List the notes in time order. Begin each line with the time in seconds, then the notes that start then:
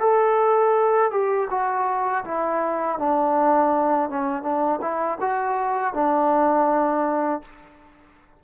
0.00 A4
1.11 G4
1.50 F#4
2.25 E4
2.99 D4
4.09 C#4
4.43 D4
4.81 E4
5.21 F#4
5.94 D4